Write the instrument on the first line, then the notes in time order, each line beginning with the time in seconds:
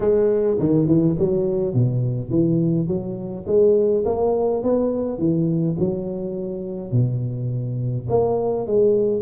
tuba
0.00 G#3
0.59 D#3
0.87 E3
1.19 F#3
1.73 B2
2.29 E3
2.87 F#3
3.46 G#3
4.05 A#3
4.63 B3
5.18 E3
5.79 F#3
6.91 B2
8.09 A#3
8.67 G#3